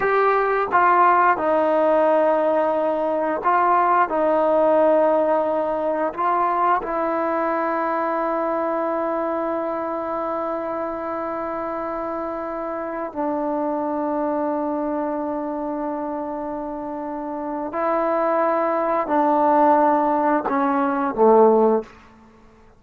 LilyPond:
\new Staff \with { instrumentName = "trombone" } { \time 4/4 \tempo 4 = 88 g'4 f'4 dis'2~ | dis'4 f'4 dis'2~ | dis'4 f'4 e'2~ | e'1~ |
e'2.~ e'16 d'8.~ | d'1~ | d'2 e'2 | d'2 cis'4 a4 | }